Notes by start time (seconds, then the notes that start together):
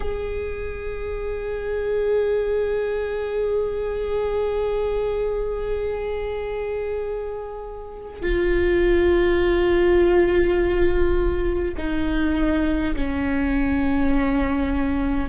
0.00 G#4
8.21 F4
11.76 D#4
12.95 C#4